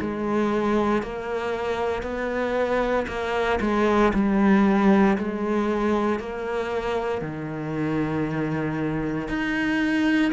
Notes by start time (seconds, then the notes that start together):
0.00 G#3
1.03 A#3
2.03 B3
3.08 A#3
3.61 G#3
4.13 G3
5.17 G#3
6.19 A#3
7.21 D#3
9.28 D#4